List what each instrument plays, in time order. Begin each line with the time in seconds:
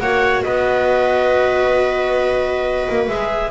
0.00 double bass A#3, viola F#4 C#5, clarinet F#5
0.43 double bass B3, viola B4, clarinet D#5
2.90 double bass A#3
3.08 double bass G#3, viola G#4, clarinet E5